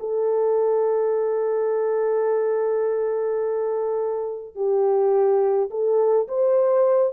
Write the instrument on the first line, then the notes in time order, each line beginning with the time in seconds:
horn
0.00 A4
4.56 G4
5.71 A4
6.28 C5